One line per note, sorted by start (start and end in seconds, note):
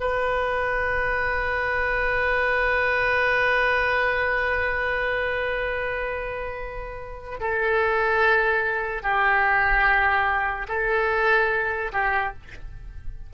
0.00 7.40 B4
7.40 9.03 A4
9.03 10.67 G4
10.68 11.91 A4
11.92 12.33 G4